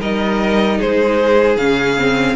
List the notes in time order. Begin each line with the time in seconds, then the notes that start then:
0.00 G3 D#4 A#4 D#5
0.78 G#3 G#4 C5
1.57 C#3 C#4 F5
1.98 C4